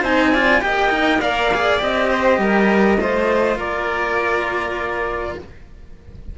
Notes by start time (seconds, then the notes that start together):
0.00 C4 D#4 C5 G#5
0.31 F4 D5
0.61 A#3 G4 D#5 G5
0.89 D#4
1.21 A#4 D5 F5
1.54 G#4
1.79 C4 G4 D#5
2.10 C5
2.38 G3 A#4
2.98 A3 F4 C5
3.56 A#3 A#4 D5